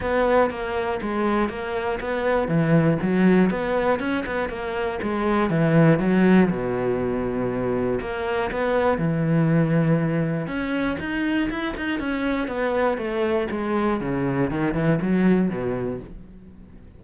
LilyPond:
\new Staff \with { instrumentName = "cello" } { \time 4/4 \tempo 4 = 120 b4 ais4 gis4 ais4 | b4 e4 fis4 b4 | cis'8 b8 ais4 gis4 e4 | fis4 b,2. |
ais4 b4 e2~ | e4 cis'4 dis'4 e'8 dis'8 | cis'4 b4 a4 gis4 | cis4 dis8 e8 fis4 b,4 | }